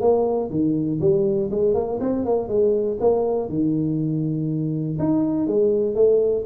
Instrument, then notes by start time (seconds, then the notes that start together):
tuba
0.00 A#3
0.50 D#3
1.00 G3
1.51 G#3
1.74 A#3
2.00 C4
2.25 A#3
2.48 G#3
3.00 A#3
3.48 D#3
4.99 D#4
5.47 G#3
5.95 A3